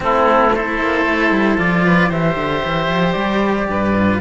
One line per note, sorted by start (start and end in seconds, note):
0.00 0.80 A3
0.00 0.49 C4
0.00 0.55 E4
0.00 0.55 A4
0.55 1.58 E4
0.55 1.85 A4
0.55 1.58 C5
0.80 1.05 A#3
1.05 1.30 A3
1.30 1.57 G3
1.58 2.10 F3
1.58 2.09 F4
1.58 2.11 D5
1.85 2.09 B4
2.09 2.36 E3
2.09 3.94 G4
2.09 3.67 C5
2.09 3.12 E5
2.36 2.62 D3
2.64 2.87 E3
2.87 3.14 F3
3.12 3.68 G3
3.12 4.17 D5
3.69 4.21 G2
3.69 4.21 B4
3.95 4.21 F4